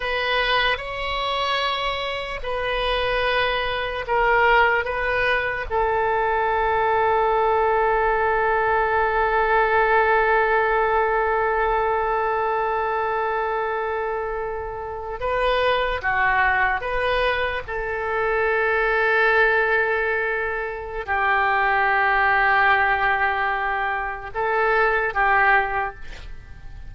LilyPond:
\new Staff \with { instrumentName = "oboe" } { \time 4/4 \tempo 4 = 74 b'4 cis''2 b'4~ | b'4 ais'4 b'4 a'4~ | a'1~ | a'1~ |
a'2~ a'8. b'4 fis'16~ | fis'8. b'4 a'2~ a'16~ | a'2 g'2~ | g'2 a'4 g'4 | }